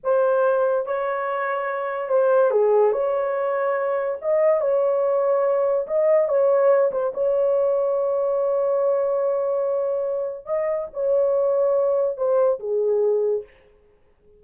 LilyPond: \new Staff \with { instrumentName = "horn" } { \time 4/4 \tempo 4 = 143 c''2 cis''2~ | cis''4 c''4 gis'4 cis''4~ | cis''2 dis''4 cis''4~ | cis''2 dis''4 cis''4~ |
cis''8 c''8 cis''2.~ | cis''1~ | cis''4 dis''4 cis''2~ | cis''4 c''4 gis'2 | }